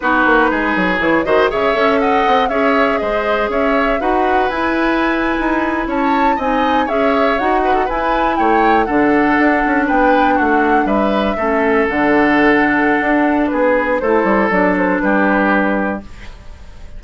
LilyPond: <<
  \new Staff \with { instrumentName = "flute" } { \time 4/4 \tempo 4 = 120 b'2 cis''8 dis''8 e''4 | fis''4 e''4 dis''4 e''4 | fis''4 gis''2~ gis''8. a''16~ | a''8. gis''4 e''4 fis''4 gis''16~ |
gis''8. g''4 fis''2 g''16~ | g''8. fis''4 e''2 fis''16~ | fis''2. b'4 | c''4 d''8 c''8 b'2 | }
  \new Staff \with { instrumentName = "oboe" } { \time 4/4 fis'4 gis'4. c''8 cis''4 | dis''4 cis''4 c''4 cis''4 | b'2.~ b'8. cis''16~ | cis''8. dis''4 cis''4. b'16 a'16 b'16~ |
b'8. cis''4 a'2 b'16~ | b'8. fis'4 b'4 a'4~ a'16~ | a'2. gis'4 | a'2 g'2 | }
  \new Staff \with { instrumentName = "clarinet" } { \time 4/4 dis'2 e'8 fis'8 gis'8 a'8~ | a'4 gis'2. | fis'4 e'2.~ | e'8. dis'4 gis'4 fis'4 e'16~ |
e'4.~ e'16 d'2~ d'16~ | d'2~ d'8. cis'4 d'16~ | d'1 | e'4 d'2. | }
  \new Staff \with { instrumentName = "bassoon" } { \time 4/4 b8 ais8 gis8 fis8 e8 dis8 cis8 cis'8~ | cis'8 c'8 cis'4 gis4 cis'4 | dis'4 e'4.~ e'16 dis'4 cis'16~ | cis'8. c'4 cis'4 dis'4 e'16~ |
e'8. a4 d4 d'8 cis'8 b16~ | b8. a4 g4 a4 d16~ | d2 d'4 b4 | a8 g8 fis4 g2 | }
>>